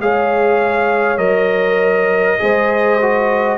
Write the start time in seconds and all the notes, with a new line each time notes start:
0.00 G#3 G#4 C#5 F5
1.18 F#3 A#4 D#5
2.39 G#3 G#4 C5
3.02 F#4